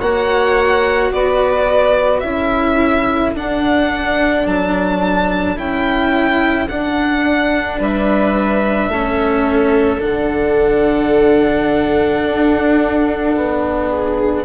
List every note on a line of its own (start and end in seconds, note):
0.00 1.12 A#3
0.00 2.24 F#4
0.00 1.11 C#5
0.00 1.12 F#5
1.12 2.23 B3
1.12 2.24 B4
1.12 2.20 D5
2.20 3.34 C#4
2.20 3.35 E4
2.20 7.79 A4
2.20 3.31 E5
3.35 5.56 D4
3.35 4.46 D4
3.35 4.47 F#5
4.46 5.57 F#3
4.46 5.58 A5
5.56 6.68 C#4
5.56 6.67 E4
5.56 6.68 G5
6.68 7.79 D4
6.68 8.93 D4
6.68 7.79 F#5
7.79 8.88 G3
7.79 8.90 B4
7.79 10.03 E5
8.88 9.99 A3
8.88 10.00 C#4
8.88 13.89 A4
10.00 12.24 D3
10.00 14.45 D4
10.00 14.45 F#5
12.24 13.35 D4
13.35 14.45 B3
13.89 14.45 G#4